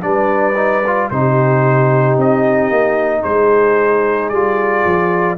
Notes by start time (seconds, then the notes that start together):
0.00 G3 D4 B4 D5
0.56 D#4
0.86 F4
1.10 C3 D#4 G4 C5
2.16 C4 D#5
2.70 A#3
3.21 G#3 G#4 C5
4.29 G3 F4 D5
4.85 F3